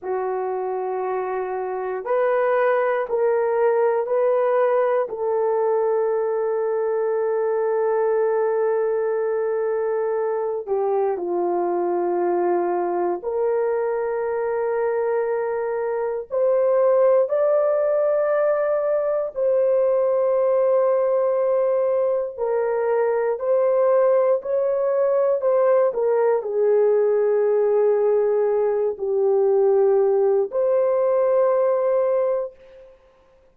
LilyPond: \new Staff \with { instrumentName = "horn" } { \time 4/4 \tempo 4 = 59 fis'2 b'4 ais'4 | b'4 a'2.~ | a'2~ a'8 g'8 f'4~ | f'4 ais'2. |
c''4 d''2 c''4~ | c''2 ais'4 c''4 | cis''4 c''8 ais'8 gis'2~ | gis'8 g'4. c''2 | }